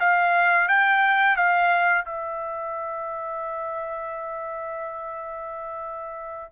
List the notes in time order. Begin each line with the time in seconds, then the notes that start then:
0.00 F5
0.68 G5
1.37 F5
2.05 E5